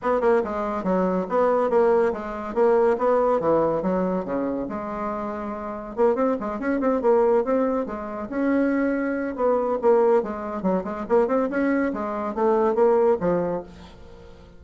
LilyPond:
\new Staff \with { instrumentName = "bassoon" } { \time 4/4 \tempo 4 = 141 b8 ais8 gis4 fis4 b4 | ais4 gis4 ais4 b4 | e4 fis4 cis4 gis4~ | gis2 ais8 c'8 gis8 cis'8 |
c'8 ais4 c'4 gis4 cis'8~ | cis'2 b4 ais4 | gis4 fis8 gis8 ais8 c'8 cis'4 | gis4 a4 ais4 f4 | }